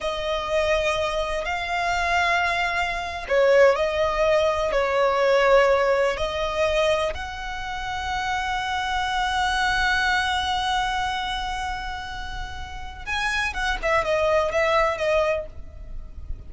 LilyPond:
\new Staff \with { instrumentName = "violin" } { \time 4/4 \tempo 4 = 124 dis''2. f''4~ | f''2~ f''8. cis''4 dis''16~ | dis''4.~ dis''16 cis''2~ cis''16~ | cis''8. dis''2 fis''4~ fis''16~ |
fis''1~ | fis''1~ | fis''2. gis''4 | fis''8 e''8 dis''4 e''4 dis''4 | }